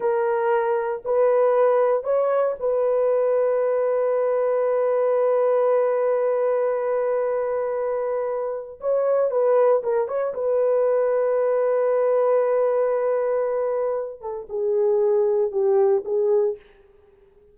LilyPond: \new Staff \with { instrumentName = "horn" } { \time 4/4 \tempo 4 = 116 ais'2 b'2 | cis''4 b'2.~ | b'1~ | b'1~ |
b'4 cis''4 b'4 ais'8 cis''8 | b'1~ | b'2.~ b'8 a'8 | gis'2 g'4 gis'4 | }